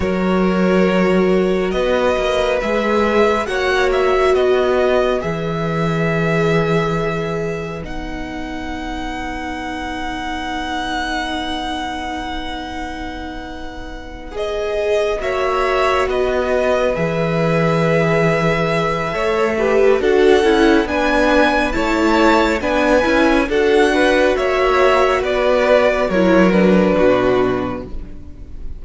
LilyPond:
<<
  \new Staff \with { instrumentName = "violin" } { \time 4/4 \tempo 4 = 69 cis''2 dis''4 e''4 | fis''8 e''8 dis''4 e''2~ | e''4 fis''2.~ | fis''1~ |
fis''8 dis''4 e''4 dis''4 e''8~ | e''2. fis''4 | gis''4 a''4 gis''4 fis''4 | e''4 d''4 cis''8 b'4. | }
  \new Staff \with { instrumentName = "violin" } { \time 4/4 ais'2 b'2 | cis''4 b'2.~ | b'1~ | b'1~ |
b'4. cis''4 b'4.~ | b'2 cis''8 b'8 a'4 | b'4 cis''4 b'4 a'8 b'8 | cis''4 b'4 ais'4 fis'4 | }
  \new Staff \with { instrumentName = "viola" } { \time 4/4 fis'2. gis'4 | fis'2 gis'2~ | gis'4 dis'2.~ | dis'1~ |
dis'8 gis'4 fis'2 gis'8~ | gis'2 a'8 g'8 fis'8 e'8 | d'4 e'4 d'8 e'8 fis'4~ | fis'2 e'8 d'4. | }
  \new Staff \with { instrumentName = "cello" } { \time 4/4 fis2 b8 ais8 gis4 | ais4 b4 e2~ | e4 b2.~ | b1~ |
b4. ais4 b4 e8~ | e2 a4 d'8 cis'8 | b4 a4 b8 cis'8 d'4 | ais4 b4 fis4 b,4 | }
>>